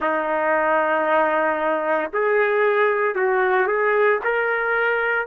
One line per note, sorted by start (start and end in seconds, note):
0.00 2.11 D#4
2.13 3.15 G#4
3.15 3.67 F#4
3.67 4.19 G#4
4.23 5.26 A#4